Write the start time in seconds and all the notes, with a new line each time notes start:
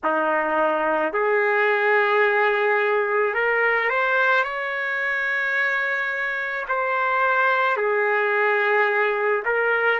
0.03 D#4
1.12 G#4
3.34 A#4
3.89 C5
4.43 C#5
6.68 C5
7.76 G#4
9.45 A#4